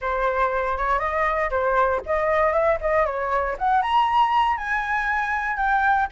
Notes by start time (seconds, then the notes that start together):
0.01 C5
0.77 C#5
0.99 D#5
1.50 C5
2.05 D#5
2.52 E5
2.81 D#5
3.05 C#5
3.58 F#5
3.81 A#5
4.57 G#5
5.56 G5